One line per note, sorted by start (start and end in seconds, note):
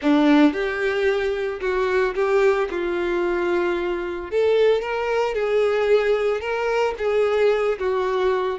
0.02 0.52 D4
0.52 1.59 G4
1.60 2.14 F#4
2.15 2.68 G4
2.70 4.31 F4
4.31 4.81 A4
4.81 5.34 A#4
5.34 6.40 G#4
6.40 6.94 A#4
6.98 7.78 G#4
7.78 8.59 F#4